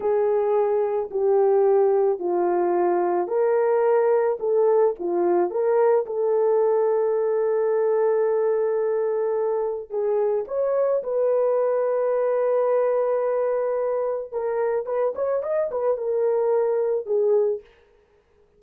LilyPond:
\new Staff \with { instrumentName = "horn" } { \time 4/4 \tempo 4 = 109 gis'2 g'2 | f'2 ais'2 | a'4 f'4 ais'4 a'4~ | a'1~ |
a'2 gis'4 cis''4 | b'1~ | b'2 ais'4 b'8 cis''8 | dis''8 b'8 ais'2 gis'4 | }